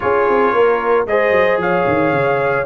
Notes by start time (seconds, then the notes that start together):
0.00 C#4 F4 G#4 C#5
0.28 C4
0.52 A#3 A#4
1.06 G#3 G#4 C5 D#5
1.30 F#3
1.57 F3 C#5 F5
1.87 D#3
2.12 C#3